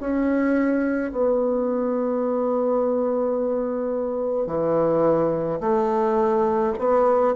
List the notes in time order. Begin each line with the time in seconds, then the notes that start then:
0.00 C#4
1.11 B3
4.47 E3
5.60 A3
6.78 B3